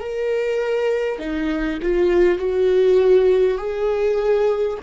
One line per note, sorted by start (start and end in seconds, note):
0.00 1.18 A#4
1.18 1.78 D#4
1.82 2.39 F4
2.39 3.58 F#4
3.58 4.78 G#4